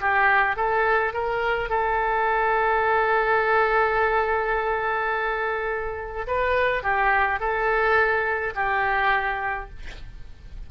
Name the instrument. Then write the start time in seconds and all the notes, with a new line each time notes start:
oboe
0.00 G4
0.56 A4
1.14 A#4
1.69 A4
6.27 B4
6.83 G4
7.39 A4
8.55 G4